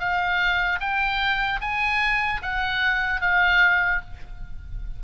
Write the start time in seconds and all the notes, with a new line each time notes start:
0.00 F5
0.80 G5
1.61 G#5
2.43 F#5
3.21 F5